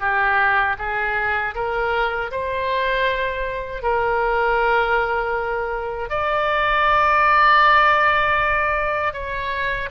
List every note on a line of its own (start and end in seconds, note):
0.00 0.76 G4
0.78 1.54 G#4
1.55 2.31 A#4
2.31 3.82 C5
3.82 6.10 A#4
6.10 9.13 D5
9.13 9.89 C#5